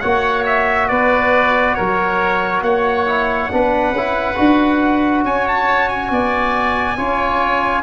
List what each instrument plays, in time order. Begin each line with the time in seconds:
0.00 tuba A#3, trombone F#4, oboe C#5, trumpet F#5
0.46 trumpet E5
0.88 tuba B3, oboe B4, trumpet D5
1.75 tuba F#3, oboe A#4, trumpet C#5
2.62 tuba A#3, oboe C#5, trumpet F#5
3.07 trombone E4
3.52 tuba B3, trombone D4, oboe B4
3.91 tuba C#4, trombone E4
4.36 tuba D4, trombone F#4
5.25 tuba C#4, oboe C#5, trumpet G#5
5.48 trumpet A5
5.89 trumpet G#5
6.11 tuba B3, oboe D5
6.97 tuba C#4, trombone F4, oboe C#5